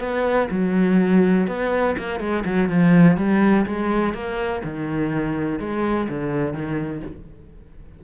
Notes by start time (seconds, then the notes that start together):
0.00 B3
0.51 F#3
1.48 B3
1.98 A#3
2.20 G#3
2.45 F#3
2.69 F3
3.17 G3
3.66 G#3
4.14 A#3
4.64 D#3
5.60 G#3
6.09 D3
6.54 D#3